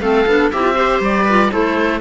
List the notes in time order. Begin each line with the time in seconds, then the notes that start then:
0.00 A3 C4 A4 F5
0.26 B3 D4
0.51 C4 E4 G4 E5
0.61 F4
0.75 G4 C5
1.00 G3 D5
1.24 F4 B4
1.50 A3 E4 A4 C5